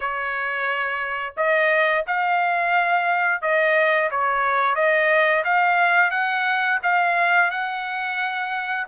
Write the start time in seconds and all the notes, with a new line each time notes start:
0.00 C#5
1.36 D#5
2.06 F5
3.41 D#5
4.10 C#5
4.75 D#5
5.44 F5
6.11 F#5
6.82 F5
7.50 F#5